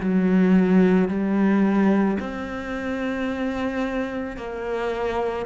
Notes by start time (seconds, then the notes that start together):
0.00 F#3
1.09 G3
2.19 C4
4.36 A#3